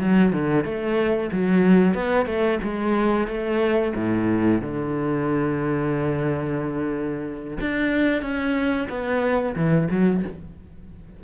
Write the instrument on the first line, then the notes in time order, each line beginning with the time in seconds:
cello
0.00 F#3
0.33 D3
0.65 A3
1.33 F#3
1.95 B3
2.26 A3
2.63 G#3
3.28 A3
3.96 A2
4.62 D3
7.61 D4
8.22 C#4
8.90 B3
9.56 E3
9.91 F#3